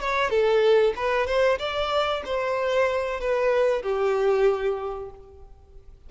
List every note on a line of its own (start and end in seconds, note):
0.00 0.30 C#5
0.30 0.93 A4
0.96 1.26 B4
1.26 1.58 C5
1.59 2.23 D5
2.25 3.20 C5
3.20 3.82 B4
3.82 5.10 G4